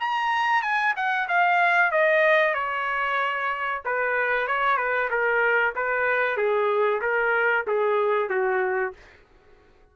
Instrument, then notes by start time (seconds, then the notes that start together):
trumpet
0.00 A#5
0.62 G#5
0.96 F#5
1.28 F5
1.91 D#5
2.54 C#5
3.85 B4
4.47 C#5
4.77 B4
5.10 A#4
5.75 B4
6.37 G#4
7.02 A#4
7.67 G#4
8.29 F#4